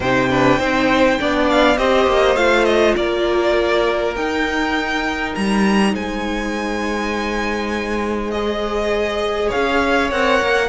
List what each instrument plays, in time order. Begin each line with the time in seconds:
0.00 cello C3, viola D#4, violin C5 G5
0.30 viola D4, violin B4
0.58 cello C4, viola D#4, violin C5
1.19 cello B3, viola D4, violin D5
1.49 violin F5
1.77 cello C4, viola G4, violin C5 D#5
2.06 cello A#3
2.35 cello A3, viola F4, violin F5
2.64 violin D#5
2.96 cello A#3, violin A#4 D5
4.15 cello D#4, viola D#4, violin G5
5.35 cello G3, violin A#5
5.92 cello G#3, violin C5 G#5
8.30 viola G#4, violin D#5
9.48 violin C#5 F5
9.54 cello C#4
10.11 cello C4, viola A#4, violin F#5
10.41 cello A#3